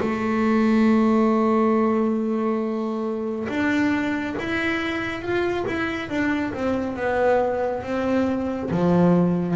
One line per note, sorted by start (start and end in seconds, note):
0.00 3.48 A3
3.49 4.36 D4
4.39 5.21 E4
5.21 5.65 F4
5.67 6.09 E4
6.09 6.53 D4
6.53 6.96 C4
6.96 7.83 B3
7.83 8.70 C4
8.70 9.56 F3